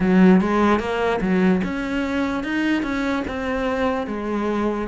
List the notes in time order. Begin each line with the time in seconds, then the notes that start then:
0.00 F#3
0.41 G#3
0.79 A#3
1.21 F#3
1.64 C#4
2.43 D#4
2.82 C#4
3.27 C4
4.07 G#3